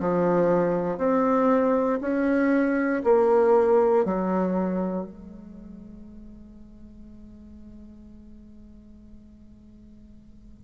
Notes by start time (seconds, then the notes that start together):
0.00 F3
0.98 C4
2.01 C#4
3.04 A#3
4.05 F#3
5.06 G#3